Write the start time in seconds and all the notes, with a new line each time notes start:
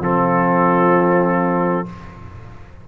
0.00 F3 C4 F4 A4